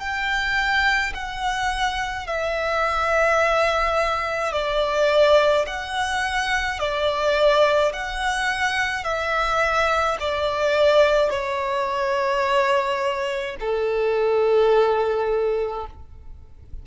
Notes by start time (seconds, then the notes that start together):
0.00 G5
1.14 F#5
2.27 E5
4.53 D5
5.67 F#5
6.80 D5
7.93 F#5
9.05 E5
10.20 D5
11.30 C#5
13.61 A4